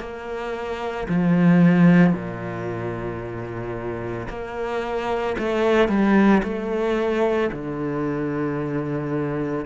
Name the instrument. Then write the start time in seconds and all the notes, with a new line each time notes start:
cello
0.00 A#3
1.09 F3
2.13 A#2
4.29 A#3
5.39 A3
5.88 G3
6.43 A3
7.52 D3